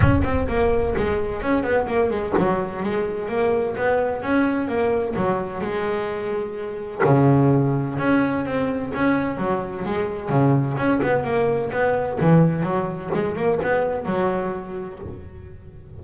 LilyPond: \new Staff \with { instrumentName = "double bass" } { \time 4/4 \tempo 4 = 128 cis'8 c'8 ais4 gis4 cis'8 b8 | ais8 gis8 fis4 gis4 ais4 | b4 cis'4 ais4 fis4 | gis2. cis4~ |
cis4 cis'4 c'4 cis'4 | fis4 gis4 cis4 cis'8 b8 | ais4 b4 e4 fis4 | gis8 ais8 b4 fis2 | }